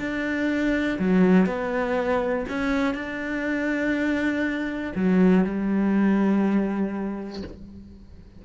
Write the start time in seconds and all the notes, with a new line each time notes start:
0.00 D4
0.99 F#3
1.47 B3
2.49 C#4
2.95 D4
4.96 F#3
5.45 G3